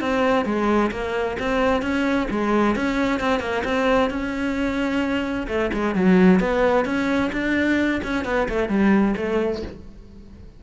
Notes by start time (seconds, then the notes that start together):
0.00 C4
0.45 G#3
0.91 A#3
1.39 C4
1.82 C#4
2.30 G#3
2.75 C#4
3.20 C4
3.40 A#3
3.64 C4
4.10 C#4
5.48 A3
5.73 G#3
5.95 F#3
6.40 B3
6.85 C#4
7.32 D4
8.03 C#4
8.25 B3
8.49 A3
8.69 G3
9.16 A3